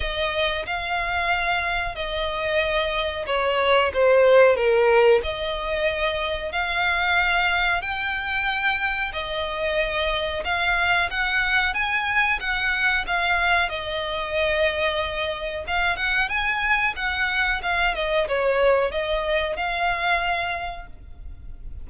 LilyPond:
\new Staff \with { instrumentName = "violin" } { \time 4/4 \tempo 4 = 92 dis''4 f''2 dis''4~ | dis''4 cis''4 c''4 ais'4 | dis''2 f''2 | g''2 dis''2 |
f''4 fis''4 gis''4 fis''4 | f''4 dis''2. | f''8 fis''8 gis''4 fis''4 f''8 dis''8 | cis''4 dis''4 f''2 | }